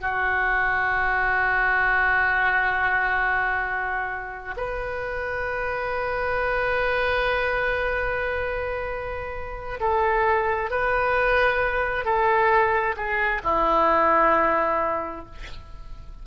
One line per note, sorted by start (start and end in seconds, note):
0.00 4.55 F#4
4.57 9.79 B4
9.80 10.70 A4
10.70 12.05 B4
12.05 12.95 A4
12.96 13.41 G#4
13.43 15.25 E4